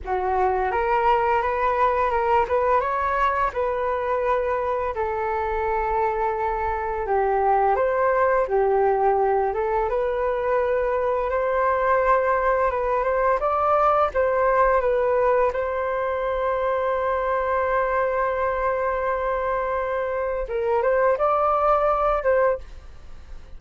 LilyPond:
\new Staff \with { instrumentName = "flute" } { \time 4/4 \tempo 4 = 85 fis'4 ais'4 b'4 ais'8 b'8 | cis''4 b'2 a'4~ | a'2 g'4 c''4 | g'4. a'8 b'2 |
c''2 b'8 c''8 d''4 | c''4 b'4 c''2~ | c''1~ | c''4 ais'8 c''8 d''4. c''8 | }